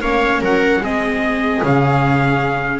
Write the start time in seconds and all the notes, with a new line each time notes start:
0.00 A#3 C#4 C#5 F5
0.40 F#3 A#4 F#5
0.80 G#3 C4 G#4 D#5
1.62 C#3 C#4 F5